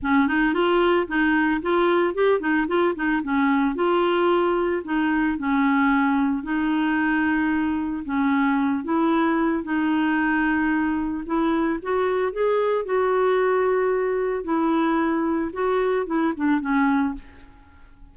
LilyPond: \new Staff \with { instrumentName = "clarinet" } { \time 4/4 \tempo 4 = 112 cis'8 dis'8 f'4 dis'4 f'4 | g'8 dis'8 f'8 dis'8 cis'4 f'4~ | f'4 dis'4 cis'2 | dis'2. cis'4~ |
cis'8 e'4. dis'2~ | dis'4 e'4 fis'4 gis'4 | fis'2. e'4~ | e'4 fis'4 e'8 d'8 cis'4 | }